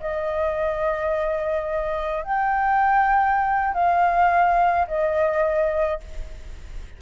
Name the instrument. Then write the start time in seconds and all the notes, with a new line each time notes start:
flute
0.00 D#5
2.24 G5
3.74 F5
4.88 D#5